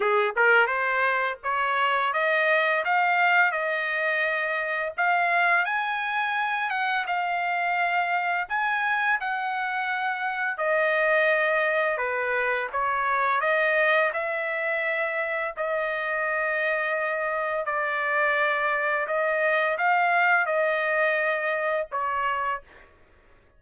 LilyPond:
\new Staff \with { instrumentName = "trumpet" } { \time 4/4 \tempo 4 = 85 gis'8 ais'8 c''4 cis''4 dis''4 | f''4 dis''2 f''4 | gis''4. fis''8 f''2 | gis''4 fis''2 dis''4~ |
dis''4 b'4 cis''4 dis''4 | e''2 dis''2~ | dis''4 d''2 dis''4 | f''4 dis''2 cis''4 | }